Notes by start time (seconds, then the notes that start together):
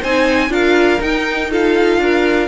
0.00 C4 D#4 C5 G#5
0.49 D4 F4 A#4 F5
1.00 D#4 G5
1.51 F4 A4 F5
1.98 D4 A#4